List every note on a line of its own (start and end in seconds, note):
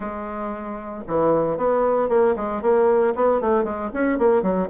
0.00 1.03 G#3
1.07 1.57 E3
1.57 2.08 B3
2.08 2.35 A#3
2.35 2.62 G#3
2.62 3.14 A#3
3.15 3.40 B3
3.40 3.64 A3
3.64 3.90 G#3
3.93 4.18 C#4
4.18 4.42 A#3
4.42 4.68 F#3